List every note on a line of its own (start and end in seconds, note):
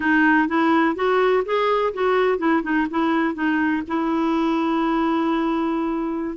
0.00 0.47 D#4
0.47 0.95 E4
0.95 1.43 F#4
1.45 1.93 G#4
1.93 2.38 F#4
2.38 2.62 E4
2.62 2.86 D#4
2.90 3.34 E4
3.34 3.82 D#4
3.87 6.36 E4